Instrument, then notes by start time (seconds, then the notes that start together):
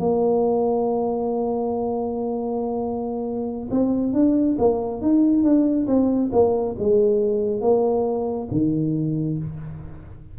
tuba
0.00 A#3
3.71 C4
4.13 D4
4.58 A#3
5.02 D#4
5.43 D4
5.87 C4
6.32 A#3
6.79 G#3
7.62 A#3
8.52 D#3